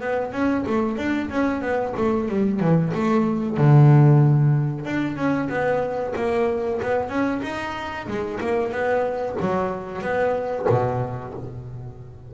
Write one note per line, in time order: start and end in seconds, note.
0.00 0.32 B3
0.32 0.65 C#4
0.66 0.97 A3
0.97 1.29 D4
1.30 1.61 C#4
1.61 1.94 B3
1.97 2.28 A3
2.28 2.60 G3
2.60 2.92 E3
2.94 3.57 A3
3.57 4.85 D3
4.85 5.16 D4
5.16 5.49 C#4
5.49 6.13 B3
6.16 6.80 A#3
6.82 7.09 B3
7.09 7.41 C#4
7.42 8.07 D#4
8.07 8.39 G#3
8.40 8.72 A#3
8.72 9.36 B3
9.40 10.01 F#3
10.01 10.66 B3
10.69 11.34 B2